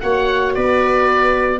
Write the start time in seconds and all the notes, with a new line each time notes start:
0.00 A#3 F#4 C#5 F#5
0.54 B3 B4 D5